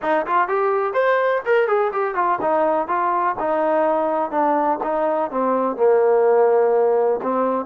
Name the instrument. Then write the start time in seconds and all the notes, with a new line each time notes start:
trombone
0.02 D#4
0.26 F4
0.47 G4
0.93 C5
1.45 A#4
1.67 G#4
1.92 G4
2.14 F4
2.41 D#4
2.87 F4
3.39 D#4
4.30 D4
4.83 D#4
5.30 C4
5.76 A#3
7.22 C4